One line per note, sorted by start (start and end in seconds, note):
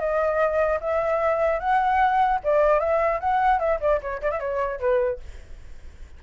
0.00 0.80 D#5
0.81 1.60 E5
1.60 2.40 F#5
2.44 2.80 D5
2.80 3.20 E5
3.20 3.60 F#5
3.60 3.80 E5
3.81 4.01 D5
4.01 4.21 C#5
4.22 4.32 D5
4.32 4.40 E5
4.40 4.80 C#5
4.80 5.20 B4